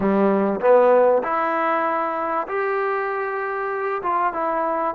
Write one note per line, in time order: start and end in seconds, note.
0.00 0.60 G3
0.60 1.22 B3
1.23 2.47 E4
2.47 4.02 G4
4.02 4.33 F4
4.33 4.94 E4